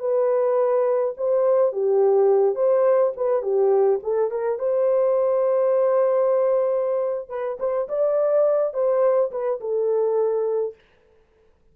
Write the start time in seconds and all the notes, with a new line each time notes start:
0.00 B4
1.18 C5
1.72 G4
2.56 C5
3.17 B4
3.43 G4
4.03 A4
4.31 A#4
4.59 C5
7.30 B4
7.60 C5
7.89 D5
8.74 C5
9.31 B4
9.61 A4